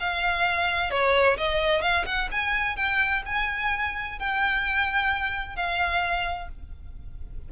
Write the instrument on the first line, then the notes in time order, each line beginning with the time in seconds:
violin
0.00 F5
0.91 C#5
1.38 D#5
1.82 F5
2.06 F#5
2.32 G#5
2.76 G5
3.26 G#5
4.19 G5
5.56 F5